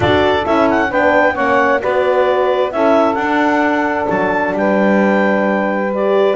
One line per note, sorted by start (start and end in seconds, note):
0.00 0.45 D4
0.00 0.44 F#4
0.00 0.89 A4
0.00 0.46 D5
0.45 0.92 C#4
0.45 0.90 E4
0.45 0.69 E5
0.70 0.91 F#5
0.89 1.37 B3
0.89 1.34 D4
0.89 1.34 B4
0.89 1.36 G5
1.34 1.82 A#3
1.34 1.80 C#4
1.34 1.79 C#5
1.34 1.81 F#5
1.80 2.73 B3
1.80 2.71 F#4
1.80 2.72 B4
1.80 2.71 D5
2.71 3.15 C#4
2.71 3.18 E4
2.71 4.57 A4
2.71 3.14 E5
3.14 4.06 D4
3.14 5.92 D4
3.14 4.05 F#5
4.09 4.52 F#3
4.09 4.55 A5
4.52 6.34 G3
4.52 6.36 B4
4.52 5.93 G5
5.92 6.36 G4
5.92 6.36 D5